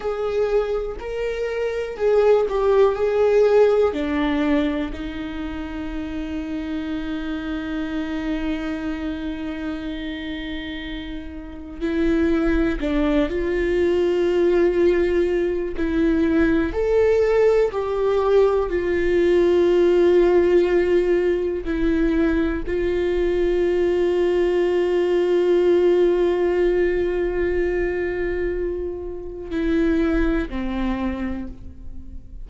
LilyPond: \new Staff \with { instrumentName = "viola" } { \time 4/4 \tempo 4 = 61 gis'4 ais'4 gis'8 g'8 gis'4 | d'4 dis'2.~ | dis'1 | e'4 d'8 f'2~ f'8 |
e'4 a'4 g'4 f'4~ | f'2 e'4 f'4~ | f'1~ | f'2 e'4 c'4 | }